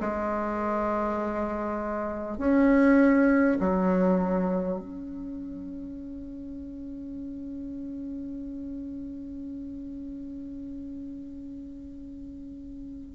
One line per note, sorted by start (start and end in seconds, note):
0.00 2.38 G#3
2.38 3.58 C#4
3.60 4.79 F#3
4.79 13.15 C#4